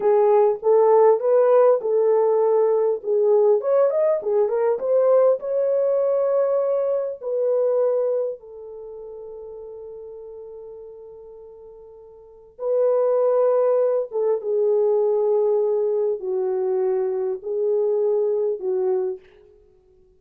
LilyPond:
\new Staff \with { instrumentName = "horn" } { \time 4/4 \tempo 4 = 100 gis'4 a'4 b'4 a'4~ | a'4 gis'4 cis''8 dis''8 gis'8 ais'8 | c''4 cis''2. | b'2 a'2~ |
a'1~ | a'4 b'2~ b'8 a'8 | gis'2. fis'4~ | fis'4 gis'2 fis'4 | }